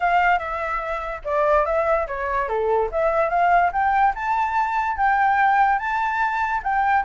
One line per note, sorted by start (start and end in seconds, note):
0.00 0.39 F5
0.39 1.21 E5
1.24 1.65 D5
1.65 2.07 E5
2.07 2.48 C#5
2.48 2.89 A4
2.91 3.29 E5
3.29 3.71 F5
3.72 4.13 G5
4.14 4.97 A5
4.97 5.79 G5
5.79 6.61 A5
6.63 7.04 G5